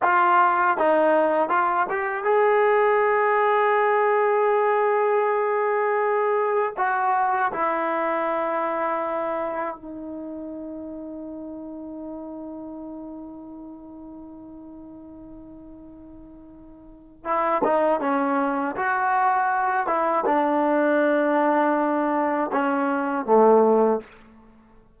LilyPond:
\new Staff \with { instrumentName = "trombone" } { \time 4/4 \tempo 4 = 80 f'4 dis'4 f'8 g'8 gis'4~ | gis'1~ | gis'4 fis'4 e'2~ | e'4 dis'2.~ |
dis'1~ | dis'2. e'8 dis'8 | cis'4 fis'4. e'8 d'4~ | d'2 cis'4 a4 | }